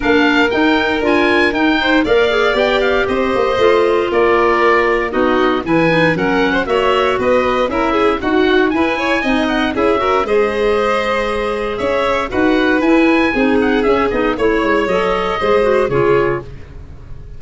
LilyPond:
<<
  \new Staff \with { instrumentName = "oboe" } { \time 4/4 \tempo 4 = 117 f''4 g''4 gis''4 g''4 | f''4 g''8 f''8 dis''2 | d''2 dis''4 gis''4 | fis''4 e''4 dis''4 e''4 |
fis''4 gis''4. fis''8 e''4 | dis''2. e''4 | fis''4 gis''4. fis''8 e''8 dis''8 | cis''4 dis''2 cis''4 | }
  \new Staff \with { instrumentName = "violin" } { \time 4/4 ais'2.~ ais'8 c''8 | d''2 c''2 | ais'2 fis'4 b'4 | ais'8. c''16 cis''4 b'4 ais'8 gis'8 |
fis'4 b'8 cis''8 dis''4 gis'8 ais'8 | c''2. cis''4 | b'2 gis'2 | cis''2 c''4 gis'4 | }
  \new Staff \with { instrumentName = "clarinet" } { \time 4/4 d'4 dis'4 f'4 dis'4 | ais'8 gis'8 g'2 f'4~ | f'2 dis'4 e'8 dis'8 | cis'4 fis'2 e'4 |
fis'4 e'4 dis'4 e'8 fis'8 | gis'1 | fis'4 e'4 dis'4 cis'8 dis'8 | e'4 a'4 gis'8 fis'8 f'4 | }
  \new Staff \with { instrumentName = "tuba" } { \time 4/4 ais4 dis'4 d'4 dis'4 | ais4 b4 c'8 ais8 a4 | ais2 b4 e4 | fis4 ais4 b4 cis'4 |
dis'4 e'4 c'4 cis'4 | gis2. cis'4 | dis'4 e'4 c'4 cis'8 b8 | a8 gis8 fis4 gis4 cis4 | }
>>